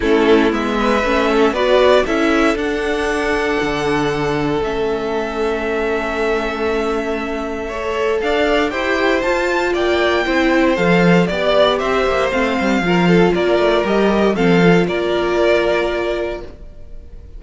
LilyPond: <<
  \new Staff \with { instrumentName = "violin" } { \time 4/4 \tempo 4 = 117 a'4 e''2 d''4 | e''4 fis''2.~ | fis''4 e''2.~ | e''1 |
f''4 g''4 a''4 g''4~ | g''4 f''4 d''4 e''4 | f''2 d''4 dis''4 | f''4 d''2. | }
  \new Staff \with { instrumentName = "violin" } { \time 4/4 e'4. b'4 a'8 b'4 | a'1~ | a'1~ | a'2. cis''4 |
d''4 c''2 d''4 | c''2 d''4 c''4~ | c''4 ais'8 a'8 ais'2 | a'4 ais'2. | }
  \new Staff \with { instrumentName = "viola" } { \time 4/4 cis'4 b4 cis'4 fis'4 | e'4 d'2.~ | d'4 cis'2.~ | cis'2. a'4~ |
a'4 g'4 f'2 | e'4 a'4 g'2 | c'4 f'2 g'4 | c'8 f'2.~ f'8 | }
  \new Staff \with { instrumentName = "cello" } { \time 4/4 a4 gis4 a4 b4 | cis'4 d'2 d4~ | d4 a2.~ | a1 |
d'4 e'4 f'4 ais4 | c'4 f4 b4 c'8 ais8 | a8 g8 f4 ais8 a8 g4 | f4 ais2. | }
>>